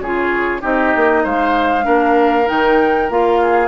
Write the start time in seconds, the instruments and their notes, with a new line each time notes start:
0.00 bassoon C#3, clarinet F4, oboe G#4, flute C#5
0.61 bassoon C4, clarinet D#4, oboe G4, flute D#5
0.96 bassoon A#3
1.24 bassoon G#3, oboe C5, flute F5
1.83 bassoon A#3, clarinet D4, oboe A#4
2.47 bassoon D#3, clarinet D#4, flute G5
3.10 bassoon A#3, clarinet F4, flute F5
3.42 oboe G#4